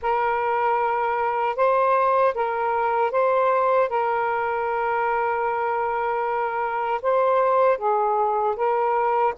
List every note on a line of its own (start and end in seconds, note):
0.01 1.55 A#4
1.55 2.33 C5
2.34 3.11 A#4
3.11 3.89 C5
3.89 7.01 A#4
7.02 7.77 C5
7.77 8.55 G#4
8.56 9.34 A#4